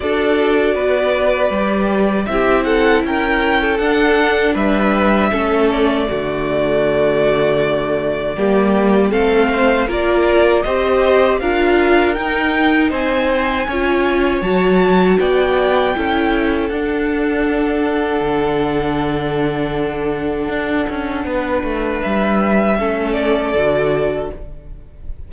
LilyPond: <<
  \new Staff \with { instrumentName = "violin" } { \time 4/4 \tempo 4 = 79 d''2. e''8 fis''8 | g''4 fis''4 e''4. d''8~ | d''1 | f''4 d''4 dis''4 f''4 |
g''4 gis''2 a''4 | g''2 fis''2~ | fis''1~ | fis''4 e''4. d''4. | }
  \new Staff \with { instrumentName = "violin" } { \time 4/4 a'4 b'2 g'8 a'8 | ais'8. a'4~ a'16 b'4 a'4 | fis'2. g'4 | a'8 c''8 ais'4 c''4 ais'4~ |
ais'4 c''4 cis''2 | d''4 a'2.~ | a'1 | b'2 a'2 | }
  \new Staff \with { instrumentName = "viola" } { \time 4/4 fis'2 g'4 e'4~ | e'4 d'2 cis'4 | a2. ais4 | c'4 f'4 g'4 f'4 |
dis'2 f'4 fis'4~ | fis'4 e'4 d'2~ | d'1~ | d'2 cis'4 fis'4 | }
  \new Staff \with { instrumentName = "cello" } { \time 4/4 d'4 b4 g4 c'4 | cis'4 d'4 g4 a4 | d2. g4 | a4 ais4 c'4 d'4 |
dis'4 c'4 cis'4 fis4 | b4 cis'4 d'2 | d2. d'8 cis'8 | b8 a8 g4 a4 d4 | }
>>